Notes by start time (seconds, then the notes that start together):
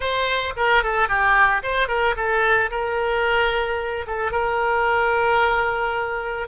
0.00 C5
0.56 A#4
0.83 A4
1.08 G4
1.62 C5
1.88 A#4
2.16 A4
2.71 A#4
4.06 A4
4.31 A#4